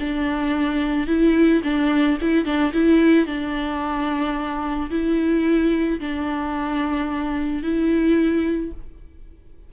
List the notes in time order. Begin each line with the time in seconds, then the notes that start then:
0.00 D4
1.07 E4
1.63 D4
2.21 E4
2.45 D4
2.73 E4
3.26 D4
4.90 E4
6.00 D4
7.63 E4